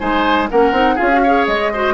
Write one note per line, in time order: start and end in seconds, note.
0.00 0.50 G#3
0.00 0.49 D#4
0.00 0.49 C5
0.00 0.49 G#5
0.51 0.72 A#3
0.51 0.74 C#4
0.51 0.95 A#4
0.51 0.98 F#5
0.72 0.96 C4
0.72 0.98 D#4
0.95 1.11 F4
0.95 1.20 G#4
0.95 1.47 F5
1.02 1.47 C#4
1.13 1.25 F#4
1.24 1.74 G#4
1.24 1.73 C#5
1.47 1.94 G#3
1.47 1.94 D#5
1.73 1.94 F#4
1.73 1.94 C5